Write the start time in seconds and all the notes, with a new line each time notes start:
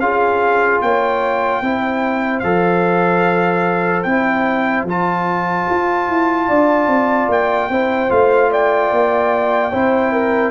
0.00 C#4 F4 G#4 F5
0.82 A#3 C#5 G5
1.62 C4 E4 C5
2.40 F3 A4 F5
4.03 C4 E4 G5
4.84 F3 F4 A5
5.70 F4
6.09 E4
6.48 D4 D5
6.87 C4
7.29 A#3 G5
7.70 C4 E4 C5
8.10 A3 F4 F5
8.52 D5 G5
8.92 A#3
9.72 C4 E4 C5
10.13 A#4